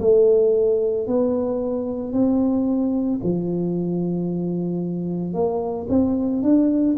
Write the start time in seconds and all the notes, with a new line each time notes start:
0.00 A3
1.07 B3
2.13 C4
3.23 F3
5.33 A#3
5.89 C4
6.43 D4